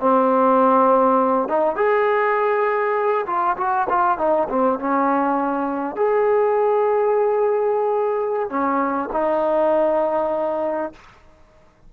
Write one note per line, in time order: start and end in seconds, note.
0.00 1.48 C4
1.48 1.75 D#4
1.75 3.25 G#4
3.26 3.56 F4
3.57 3.87 F#4
3.89 4.18 F4
4.18 4.48 D#4
4.49 4.79 C4
4.79 5.96 C#4
5.96 8.49 G#4
8.49 9.09 C#4
9.12 10.92 D#4